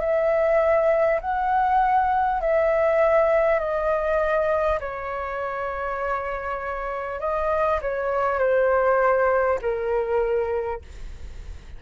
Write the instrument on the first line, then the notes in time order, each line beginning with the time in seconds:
flute
0.00 E5
1.21 F#5
2.41 E5
3.59 D#5
4.81 C#5
7.21 D#5
7.82 C#5
8.39 C5
9.62 A#4